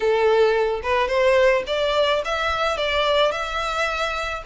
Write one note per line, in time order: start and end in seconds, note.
0.00 0.81 A4
0.83 1.07 B4
1.07 1.63 C5
1.66 2.22 D5
2.24 2.77 E5
2.77 3.31 D5
3.31 4.42 E5